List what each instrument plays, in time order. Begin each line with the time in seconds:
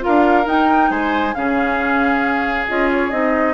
0.00 clarinet F4, oboe A#4, flute F5
0.07 bassoon D4
0.44 clarinet D#4, bassoon D#4, flute G5
0.90 bassoon G#3, oboe C5, flute G#5
1.34 bassoon C#3, clarinet C#4, oboe G#4, flute F5
2.68 bassoon C#4, clarinet F4, flute D#5
2.91 flute C#5
3.10 bassoon C4, clarinet D#4, flute D#5